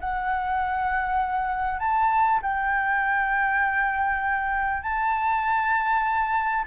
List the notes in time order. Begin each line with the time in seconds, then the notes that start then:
0.00 F#5
1.79 A5
2.42 G5
4.82 A5